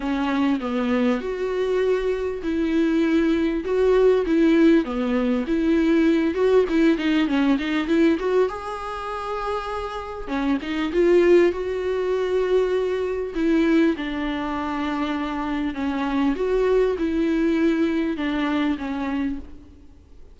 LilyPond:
\new Staff \with { instrumentName = "viola" } { \time 4/4 \tempo 4 = 99 cis'4 b4 fis'2 | e'2 fis'4 e'4 | b4 e'4. fis'8 e'8 dis'8 | cis'8 dis'8 e'8 fis'8 gis'2~ |
gis'4 cis'8 dis'8 f'4 fis'4~ | fis'2 e'4 d'4~ | d'2 cis'4 fis'4 | e'2 d'4 cis'4 | }